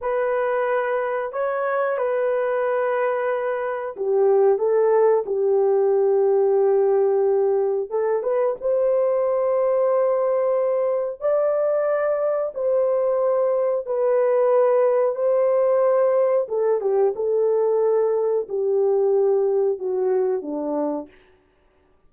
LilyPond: \new Staff \with { instrumentName = "horn" } { \time 4/4 \tempo 4 = 91 b'2 cis''4 b'4~ | b'2 g'4 a'4 | g'1 | a'8 b'8 c''2.~ |
c''4 d''2 c''4~ | c''4 b'2 c''4~ | c''4 a'8 g'8 a'2 | g'2 fis'4 d'4 | }